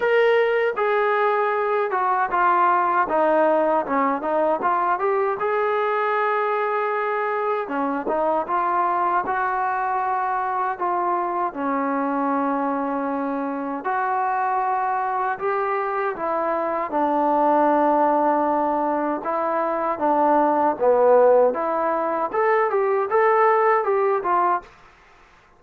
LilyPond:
\new Staff \with { instrumentName = "trombone" } { \time 4/4 \tempo 4 = 78 ais'4 gis'4. fis'8 f'4 | dis'4 cis'8 dis'8 f'8 g'8 gis'4~ | gis'2 cis'8 dis'8 f'4 | fis'2 f'4 cis'4~ |
cis'2 fis'2 | g'4 e'4 d'2~ | d'4 e'4 d'4 b4 | e'4 a'8 g'8 a'4 g'8 f'8 | }